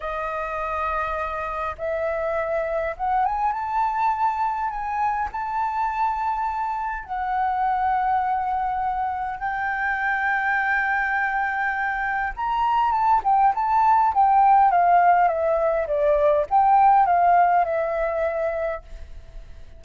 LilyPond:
\new Staff \with { instrumentName = "flute" } { \time 4/4 \tempo 4 = 102 dis''2. e''4~ | e''4 fis''8 gis''8 a''2 | gis''4 a''2. | fis''1 |
g''1~ | g''4 ais''4 a''8 g''8 a''4 | g''4 f''4 e''4 d''4 | g''4 f''4 e''2 | }